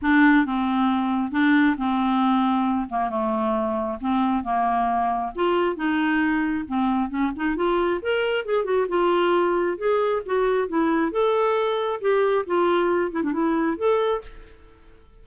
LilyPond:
\new Staff \with { instrumentName = "clarinet" } { \time 4/4 \tempo 4 = 135 d'4 c'2 d'4 | c'2~ c'8 ais8 a4~ | a4 c'4 ais2 | f'4 dis'2 c'4 |
cis'8 dis'8 f'4 ais'4 gis'8 fis'8 | f'2 gis'4 fis'4 | e'4 a'2 g'4 | f'4. e'16 d'16 e'4 a'4 | }